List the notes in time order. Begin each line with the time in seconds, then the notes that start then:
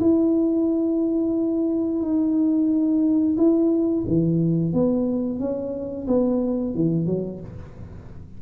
0.00 E4
2.02 D#4
3.37 E4
4.07 E3
4.73 B3
5.39 C#4
6.07 B3
6.74 E3
7.06 F#3